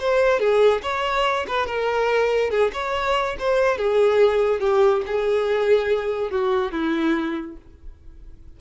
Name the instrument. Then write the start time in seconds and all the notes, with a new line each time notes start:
violin
0.00 C5
0.40 G#4
0.83 C#5
1.48 B4
1.67 A#4
2.51 G#4
2.73 C#5
3.39 C5
3.78 G#4
4.60 G4
5.07 G#4
6.31 F#4
6.72 E4